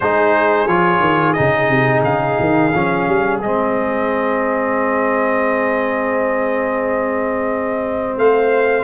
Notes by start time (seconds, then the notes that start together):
0.00 G#3 D#4 G#4 C5
0.67 F3 F4 C#5
1.00 D#3
1.33 C#3 D#4 D#5
1.68 C3
2.03 C#3 F5
2.39 D#3
2.74 F3 C#4
3.07 G3
3.41 G#3 C4 D#5
8.17 A3 C5 F5